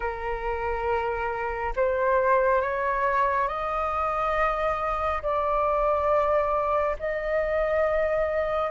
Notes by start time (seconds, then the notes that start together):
0.00 A#4
1.75 C5
2.61 C#5
3.48 D#5
5.22 D5
6.99 D#5